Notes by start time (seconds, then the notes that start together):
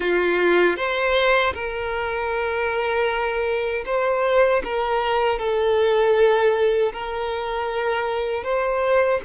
0.00 F4
0.76 C5
1.53 A#4
3.85 C5
4.64 A#4
5.38 A4
6.92 A#4
8.43 C5